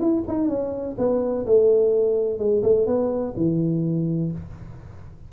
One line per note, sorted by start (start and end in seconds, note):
0.00 0.24 E4
0.28 0.49 D#4
0.49 0.96 C#4
0.99 1.46 B3
1.47 2.39 A3
2.39 2.63 G#3
2.63 2.87 A3
2.87 3.35 B3
3.37 4.32 E3